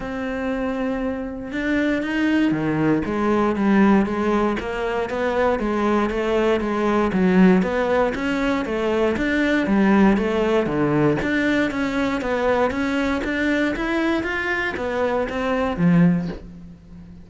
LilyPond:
\new Staff \with { instrumentName = "cello" } { \time 4/4 \tempo 4 = 118 c'2. d'4 | dis'4 dis4 gis4 g4 | gis4 ais4 b4 gis4 | a4 gis4 fis4 b4 |
cis'4 a4 d'4 g4 | a4 d4 d'4 cis'4 | b4 cis'4 d'4 e'4 | f'4 b4 c'4 f4 | }